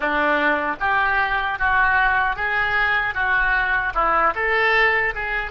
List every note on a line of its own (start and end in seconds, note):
0.00 0.76 D4
0.80 1.58 G4
1.58 2.35 F#4
2.35 3.14 G#4
3.14 3.93 F#4
3.94 4.33 E4
4.35 5.14 A4
5.14 5.50 G#4